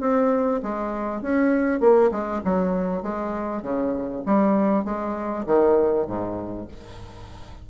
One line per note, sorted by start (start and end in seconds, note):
0.00 0.61 C4
0.62 1.21 G#3
1.21 1.80 C#4
1.80 2.10 A#3
2.11 2.41 G#3
2.44 3.02 F#3
3.02 3.62 G#3
3.62 4.22 C#3
4.25 4.84 G3
4.84 5.45 G#3
5.46 6.07 D#3
6.07 6.67 G#2